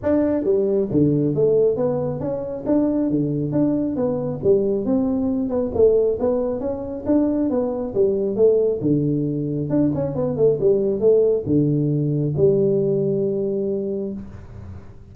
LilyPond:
\new Staff \with { instrumentName = "tuba" } { \time 4/4 \tempo 4 = 136 d'4 g4 d4 a4 | b4 cis'4 d'4 d4 | d'4 b4 g4 c'4~ | c'8 b8 a4 b4 cis'4 |
d'4 b4 g4 a4 | d2 d'8 cis'8 b8 a8 | g4 a4 d2 | g1 | }